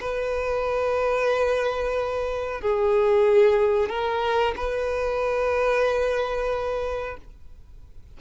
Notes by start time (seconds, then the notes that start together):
0.00 B4
2.61 G#4
3.89 A#4
4.56 B4